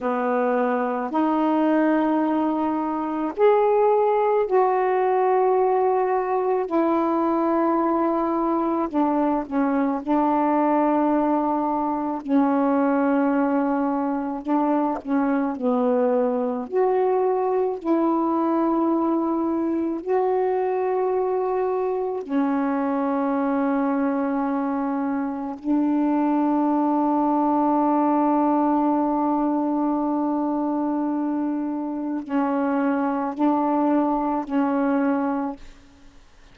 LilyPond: \new Staff \with { instrumentName = "saxophone" } { \time 4/4 \tempo 4 = 54 b4 dis'2 gis'4 | fis'2 e'2 | d'8 cis'8 d'2 cis'4~ | cis'4 d'8 cis'8 b4 fis'4 |
e'2 fis'2 | cis'2. d'4~ | d'1~ | d'4 cis'4 d'4 cis'4 | }